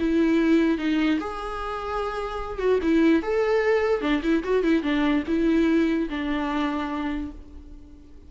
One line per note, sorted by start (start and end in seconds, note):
0.00 0.79 E4
0.79 1.19 D#4
1.20 2.59 G#4
2.59 2.80 F#4
2.83 3.23 E4
3.23 4.02 A4
4.02 4.22 D4
4.23 4.44 E4
4.44 4.64 F#4
4.64 4.83 E4
4.83 5.24 D4
5.28 6.09 E4
6.10 7.32 D4